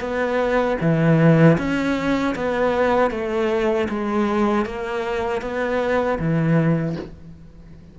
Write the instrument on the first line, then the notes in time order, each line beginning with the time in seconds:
cello
0.00 B3
0.81 E3
1.58 C#4
2.35 B3
3.11 A3
3.89 G#3
4.65 A#3
5.42 B3
6.19 E3